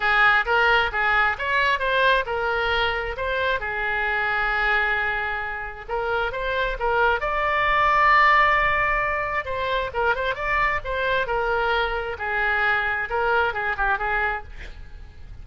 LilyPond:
\new Staff \with { instrumentName = "oboe" } { \time 4/4 \tempo 4 = 133 gis'4 ais'4 gis'4 cis''4 | c''4 ais'2 c''4 | gis'1~ | gis'4 ais'4 c''4 ais'4 |
d''1~ | d''4 c''4 ais'8 c''8 d''4 | c''4 ais'2 gis'4~ | gis'4 ais'4 gis'8 g'8 gis'4 | }